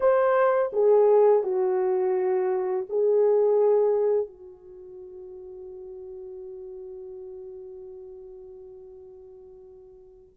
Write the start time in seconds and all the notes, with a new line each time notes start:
0.00 C5
0.72 G#4
1.43 F#4
2.89 G#4
4.27 F#4